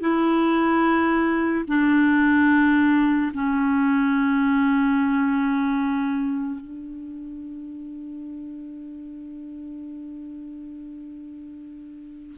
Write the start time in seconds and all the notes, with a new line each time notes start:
0.00 E4
1.67 D4
3.33 C#4
6.60 D4